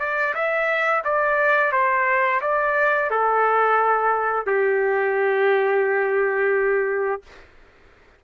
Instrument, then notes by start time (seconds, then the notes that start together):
trumpet
0.00 D5
0.35 E5
1.05 D5
1.72 C5
2.42 D5
3.11 A4
4.47 G4